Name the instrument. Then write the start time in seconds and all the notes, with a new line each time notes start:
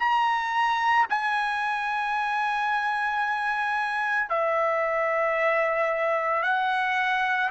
trumpet
0.00 A#5
1.10 G#5
4.30 E5
6.43 F#5